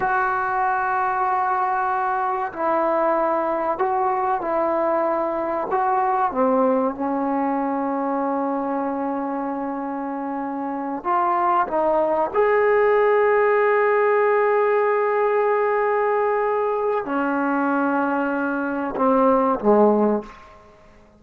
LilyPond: \new Staff \with { instrumentName = "trombone" } { \time 4/4 \tempo 4 = 95 fis'1 | e'2 fis'4 e'4~ | e'4 fis'4 c'4 cis'4~ | cis'1~ |
cis'4. f'4 dis'4 gis'8~ | gis'1~ | gis'2. cis'4~ | cis'2 c'4 gis4 | }